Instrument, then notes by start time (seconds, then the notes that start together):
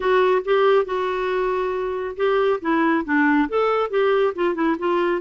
clarinet
0.00 F#4
0.44 G4
0.85 F#4
2.16 G4
2.61 E4
3.04 D4
3.48 A4
3.90 G4
4.35 F4
4.54 E4
4.78 F4